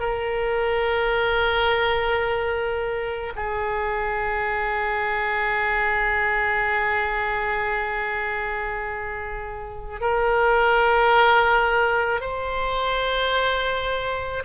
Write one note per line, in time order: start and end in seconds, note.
0.00 3.33 A#4
3.36 10.01 G#4
10.01 12.21 A#4
12.21 14.43 C5